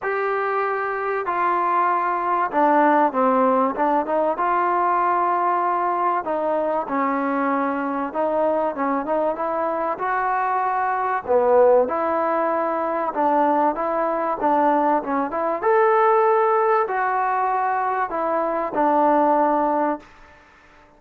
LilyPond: \new Staff \with { instrumentName = "trombone" } { \time 4/4 \tempo 4 = 96 g'2 f'2 | d'4 c'4 d'8 dis'8 f'4~ | f'2 dis'4 cis'4~ | cis'4 dis'4 cis'8 dis'8 e'4 |
fis'2 b4 e'4~ | e'4 d'4 e'4 d'4 | cis'8 e'8 a'2 fis'4~ | fis'4 e'4 d'2 | }